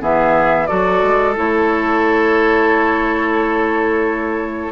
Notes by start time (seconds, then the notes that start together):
0.00 E3 B3 G#4 E5
0.67 F#3 F#4 A4 D5
1.03 G#3
1.36 A3 E4 C#5